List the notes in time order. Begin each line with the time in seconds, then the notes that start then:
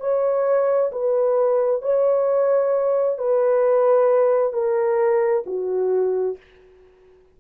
0.00 C#5
0.91 B4
1.82 C#5
3.18 B4
4.53 A#4
5.46 F#4